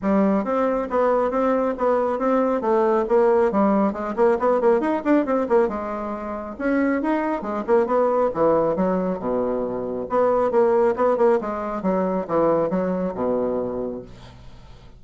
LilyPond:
\new Staff \with { instrumentName = "bassoon" } { \time 4/4 \tempo 4 = 137 g4 c'4 b4 c'4 | b4 c'4 a4 ais4 | g4 gis8 ais8 b8 ais8 dis'8 d'8 | c'8 ais8 gis2 cis'4 |
dis'4 gis8 ais8 b4 e4 | fis4 b,2 b4 | ais4 b8 ais8 gis4 fis4 | e4 fis4 b,2 | }